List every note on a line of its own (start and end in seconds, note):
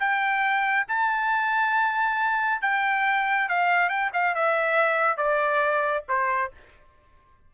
0.00 0.87 G5
0.89 2.62 A5
2.62 3.49 G5
3.49 3.90 F5
3.90 4.11 G5
4.14 4.35 F5
4.35 5.18 E5
5.18 6.05 D5
6.09 6.52 C5